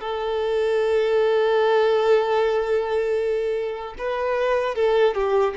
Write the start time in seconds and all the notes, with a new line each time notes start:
0.00 A4
3.98 B4
4.75 A4
5.14 G4